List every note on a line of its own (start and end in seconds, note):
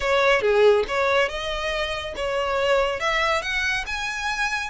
0.00 0.41 C#5
0.41 0.84 G#4
0.87 1.28 C#5
1.28 2.14 D#5
2.15 3.00 C#5
3.00 3.42 E5
3.42 3.85 F#5
3.86 4.69 G#5